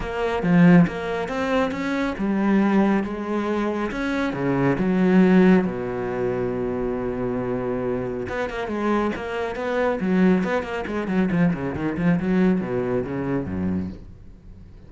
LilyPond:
\new Staff \with { instrumentName = "cello" } { \time 4/4 \tempo 4 = 138 ais4 f4 ais4 c'4 | cis'4 g2 gis4~ | gis4 cis'4 cis4 fis4~ | fis4 b,2.~ |
b,2. b8 ais8 | gis4 ais4 b4 fis4 | b8 ais8 gis8 fis8 f8 cis8 dis8 f8 | fis4 b,4 cis4 fis,4 | }